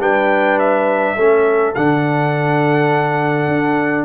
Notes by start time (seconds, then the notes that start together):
0.00 G3 D4 B4 G5
0.59 E5
1.16 A3 C#4 A4
1.75 D3 D4 F#5
3.48 D4